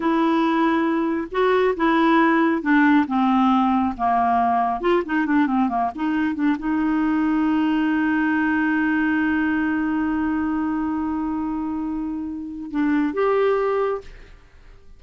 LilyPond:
\new Staff \with { instrumentName = "clarinet" } { \time 4/4 \tempo 4 = 137 e'2. fis'4 | e'2 d'4 c'4~ | c'4 ais2 f'8 dis'8 | d'8 c'8 ais8 dis'4 d'8 dis'4~ |
dis'1~ | dis'1~ | dis'1~ | dis'4 d'4 g'2 | }